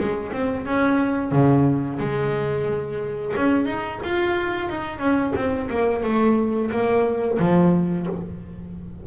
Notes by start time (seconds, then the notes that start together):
0.00 G#3
0.32 C4
0.66 C#4
1.32 C#3
1.99 G#3
3.37 C#4
3.66 D#4
4.04 F4
4.69 D#4
4.99 C#4
5.36 C4
5.70 A#3
6.03 A3
6.71 A#3
7.39 F3